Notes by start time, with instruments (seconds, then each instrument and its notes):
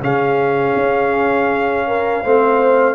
0.00 tuba C#3, trombone C#4, horn G#4, trumpet F5
0.76 tuba C#4
1.87 horn A#4
2.23 tuba A3, trombone C4, horn C5